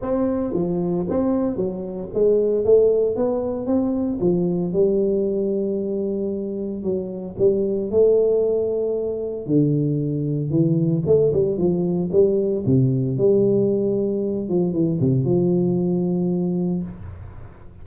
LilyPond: \new Staff \with { instrumentName = "tuba" } { \time 4/4 \tempo 4 = 114 c'4 f4 c'4 fis4 | gis4 a4 b4 c'4 | f4 g2.~ | g4 fis4 g4 a4~ |
a2 d2 | e4 a8 g8 f4 g4 | c4 g2~ g8 f8 | e8 c8 f2. | }